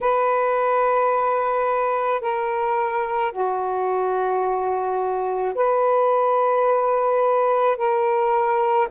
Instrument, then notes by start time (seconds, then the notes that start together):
saxophone
0.00 B4
2.21 A#4
3.31 F#4
5.55 B4
7.77 A#4